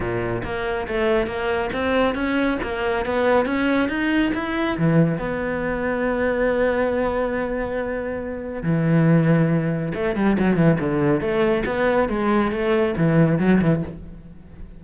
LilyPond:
\new Staff \with { instrumentName = "cello" } { \time 4/4 \tempo 4 = 139 ais,4 ais4 a4 ais4 | c'4 cis'4 ais4 b4 | cis'4 dis'4 e'4 e4 | b1~ |
b1 | e2. a8 g8 | fis8 e8 d4 a4 b4 | gis4 a4 e4 fis8 e8 | }